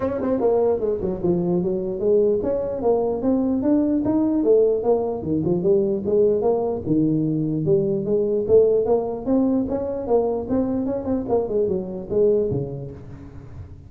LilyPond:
\new Staff \with { instrumentName = "tuba" } { \time 4/4 \tempo 4 = 149 cis'8 c'8 ais4 gis8 fis8 f4 | fis4 gis4 cis'4 ais4 | c'4 d'4 dis'4 a4 | ais4 dis8 f8 g4 gis4 |
ais4 dis2 g4 | gis4 a4 ais4 c'4 | cis'4 ais4 c'4 cis'8 c'8 | ais8 gis8 fis4 gis4 cis4 | }